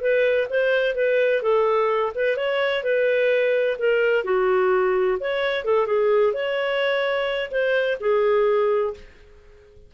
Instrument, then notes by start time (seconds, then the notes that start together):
clarinet
0.00 B4
0.49 C5
0.95 B4
1.42 A4
2.15 B4
2.36 C#5
2.83 B4
3.78 A#4
4.24 F#4
5.19 C#5
5.64 A4
5.86 G#4
6.33 C#5
7.51 C5
8.00 G#4